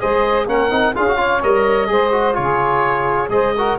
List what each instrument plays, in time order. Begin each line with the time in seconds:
0.00 tuba G#3, trombone G#4, saxophone C5, oboe D#5
0.46 tuba A#3, trombone C#4, saxophone A#4, oboe F#5
0.70 tuba C4, trombone D#4
0.93 tuba C#4, trombone F4, saxophone G#4, oboe F5
1.07 trombone F#4
1.17 trombone F4, saxophone C#5
1.43 tuba G3, trombone A#4, oboe D#5
1.87 tuba G#3, trombone G#4, saxophone C5
2.12 trombone F#4
2.34 tuba C#3, trombone F4, saxophone G#4, oboe C#5
3.29 tuba G#3, trombone G#4, saxophone C5, oboe D#5
3.56 trombone F#4, saxophone A#4